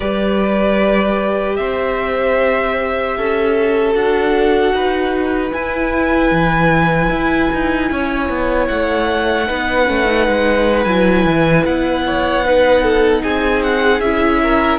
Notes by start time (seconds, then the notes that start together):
0.00 G3 G4 B4 D5
1.56 C4 C5 E5
3.17 C#4 A4
3.92 D4 F#4 F#5
4.73 D#4 B4
5.51 E4 G#5
6.31 E3
7.09 E4
7.53 D#4
7.90 C#4 C#5
8.29 B3
8.67 A3 F#5
9.45 B3 D#4 B4
9.85 A3 C#4
10.05 D#4
10.27 G#3
10.84 F#3 E4 G#5
11.25 E3
11.65 B3 F#5
12.06 C#5
12.44 D#4 B4
12.82 A4
13.23 C4 G#4 G#5
13.63 F#5
14.00 C#4 E4 E5
14.42 A#4